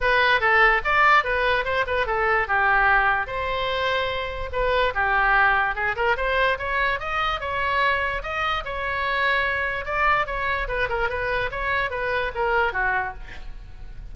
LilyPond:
\new Staff \with { instrumentName = "oboe" } { \time 4/4 \tempo 4 = 146 b'4 a'4 d''4 b'4 | c''8 b'8 a'4 g'2 | c''2. b'4 | g'2 gis'8 ais'8 c''4 |
cis''4 dis''4 cis''2 | dis''4 cis''2. | d''4 cis''4 b'8 ais'8 b'4 | cis''4 b'4 ais'4 fis'4 | }